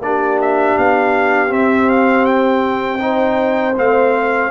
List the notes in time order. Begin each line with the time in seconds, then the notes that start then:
0.00 A#3 D4 G4 D5
0.41 E5
0.77 B3 F5
1.48 C4 E5
1.90 F5
2.25 G5
2.98 D#4 C5
3.76 A3 C4 F5